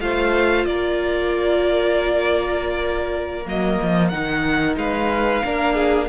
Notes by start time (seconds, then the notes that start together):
0.00 A3 F4 C5 F5
0.66 A#3 A#4 D5
3.45 F#3 A#3 D#5
3.82 F3
4.08 D#3 D#4 F#5
4.77 G#3 B4 F5
5.44 A#3 D4 A#4
5.74 G#4